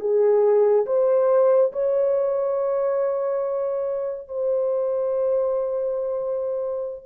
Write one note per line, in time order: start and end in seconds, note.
0.00 0.86 G#4
0.86 1.72 C5
1.72 4.28 C#5
4.28 7.06 C5